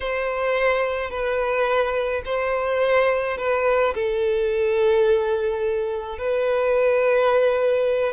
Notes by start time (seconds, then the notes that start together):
0.00 C5
1.10 B4
2.25 C5
3.37 B4
3.94 A4
6.18 B4